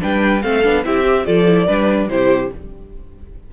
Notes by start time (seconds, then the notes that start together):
0.00 G3 D4 B4 G5
0.42 A3 C4 A4 F5
0.64 B3 D4
0.84 C4 E4 G4 E5
1.04 G4
1.25 F3 F4 A4 D5
1.48 E4
1.68 G3 D4 B4
2.09 C3 E4 G4 C5